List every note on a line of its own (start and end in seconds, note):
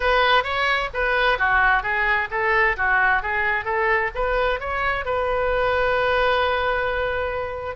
0.00 0.43 B4
0.43 0.89 C#5
0.93 1.38 B4
1.38 1.82 F#4
1.82 2.28 G#4
2.30 2.76 A4
2.76 3.22 F#4
3.22 3.65 G#4
3.65 4.10 A4
4.14 4.59 B4
4.59 5.05 C#5
5.05 7.76 B4